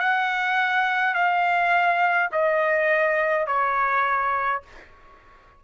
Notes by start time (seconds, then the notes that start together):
0.00 F#5
1.15 F5
2.32 D#5
3.47 C#5